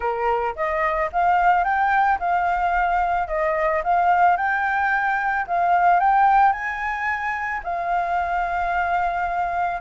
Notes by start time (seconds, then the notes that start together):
0.00 A#4
0.55 D#5
1.12 F5
1.64 G5
2.19 F5
3.27 D#5
3.83 F5
4.37 G5
5.47 F5
6.00 G5
6.52 G#5
7.63 F5